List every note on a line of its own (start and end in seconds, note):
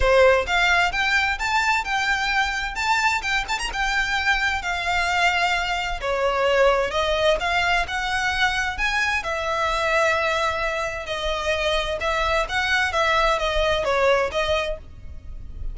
0.00 0.46 C5
0.46 0.92 F5
0.92 1.38 G5
1.38 1.84 A5
1.84 2.75 G5
2.75 3.21 A5
3.21 3.44 G5
3.48 3.58 A5
3.58 3.70 A#5
3.73 4.62 G5
4.62 6.00 F5
6.01 6.91 C#5
6.91 7.37 D#5
7.40 7.86 F5
7.87 8.77 F#5
8.77 9.23 G#5
9.23 11.06 E5
11.06 11.98 D#5
12.00 12.46 E5
12.48 12.92 F#5
12.92 13.38 E5
13.38 13.84 D#5
13.84 14.30 C#5
14.31 14.77 D#5